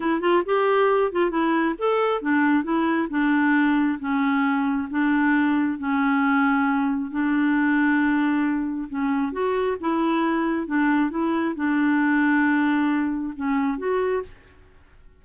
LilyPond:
\new Staff \with { instrumentName = "clarinet" } { \time 4/4 \tempo 4 = 135 e'8 f'8 g'4. f'8 e'4 | a'4 d'4 e'4 d'4~ | d'4 cis'2 d'4~ | d'4 cis'2. |
d'1 | cis'4 fis'4 e'2 | d'4 e'4 d'2~ | d'2 cis'4 fis'4 | }